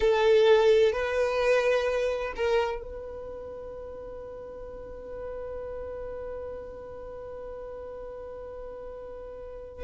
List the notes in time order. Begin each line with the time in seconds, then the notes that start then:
0.00 A4
0.92 B4
2.35 A#4
2.82 B4